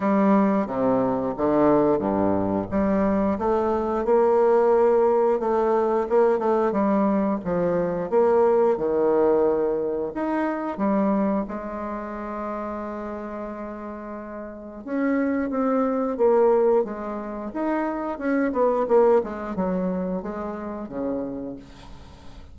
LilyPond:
\new Staff \with { instrumentName = "bassoon" } { \time 4/4 \tempo 4 = 89 g4 c4 d4 g,4 | g4 a4 ais2 | a4 ais8 a8 g4 f4 | ais4 dis2 dis'4 |
g4 gis2.~ | gis2 cis'4 c'4 | ais4 gis4 dis'4 cis'8 b8 | ais8 gis8 fis4 gis4 cis4 | }